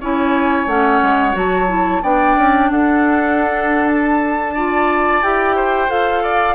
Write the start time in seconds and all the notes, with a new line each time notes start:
0.00 C#4 E4 C#5 G#5
0.67 A3 C#4 F#5
1.02 G#3
1.33 F#3 F#4 A5
1.68 E4
2.03 B3 D4 D5 G5
2.37 C#4
2.70 D4 A4 F#5
3.89 A5
4.55 F4 D5
5.23 E4 G4 G5
5.56 C5
5.88 F4 A4 F5
6.23 D5